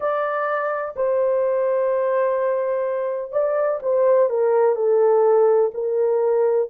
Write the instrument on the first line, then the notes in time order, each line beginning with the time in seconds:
horn
0.00 D5
0.95 C5
3.32 D5
3.82 C5
4.29 A#4
4.75 A4
5.74 A#4